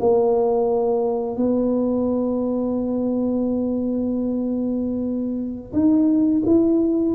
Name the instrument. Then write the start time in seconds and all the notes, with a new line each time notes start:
tuba
0.00 A#3
1.37 B3
5.73 D#4
6.46 E4